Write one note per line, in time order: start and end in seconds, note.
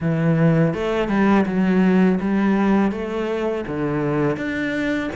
0.00 0.74 E3
0.74 1.08 A3
1.08 1.45 G3
1.46 2.19 F#3
2.20 2.91 G3
2.91 3.64 A3
3.67 4.37 D3
4.37 5.10 D4